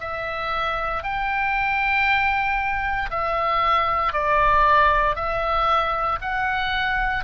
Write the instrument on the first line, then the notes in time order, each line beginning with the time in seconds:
oboe
0.00 E5
1.03 G5
3.10 E5
4.12 D5
5.15 E5
6.21 F#5